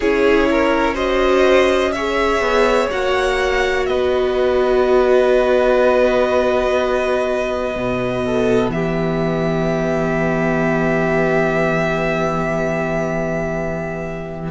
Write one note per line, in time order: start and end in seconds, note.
0.00 2.40 C#4
0.00 0.95 E4
0.00 0.48 G#4
0.00 0.96 C#5
0.50 0.94 A#4
0.94 1.92 F#4
0.94 1.91 C5
0.94 1.92 D#5
1.92 2.90 G#4
1.92 3.88 C#5
1.92 2.89 E5
2.40 2.88 B3
2.90 3.88 A#3
2.90 7.74 F#4
2.90 3.86 F#5
3.86 7.75 B3
3.86 8.24 B4
3.86 8.70 D#5
7.74 8.69 B2
7.74 14.50 B3
8.24 8.73 A4
8.69 14.50 E3
8.69 14.50 G4
8.69 14.50 E5